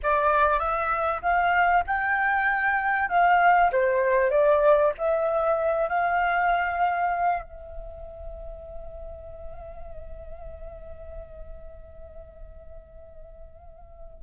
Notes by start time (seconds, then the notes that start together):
0.02 D5
0.59 E5
1.22 F5
1.87 G5
3.08 F5
3.71 C5
4.30 D5
4.97 E5
5.88 F5
7.43 E5